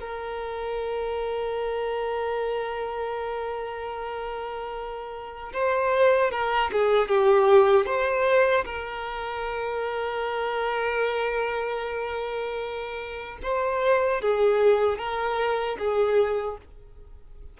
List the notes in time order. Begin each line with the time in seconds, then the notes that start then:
0.00 A#4
5.53 C5
6.31 A#4
6.72 G#4
7.08 G4
7.86 C5
8.65 A#4
13.43 C5
14.22 G#4
14.98 A#4
15.79 G#4